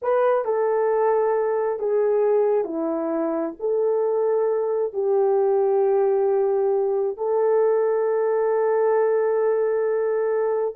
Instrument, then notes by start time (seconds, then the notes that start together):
horn
0.02 B4
0.45 A4
1.79 G#4
2.64 E4
3.59 A4
4.93 G4
7.17 A4